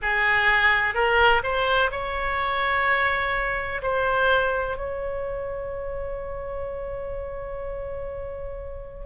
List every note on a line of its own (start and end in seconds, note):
0.02 0.94 G#4
0.94 1.42 A#4
1.43 1.90 C5
1.91 3.81 C#5
3.82 4.77 C5
4.77 9.05 C#5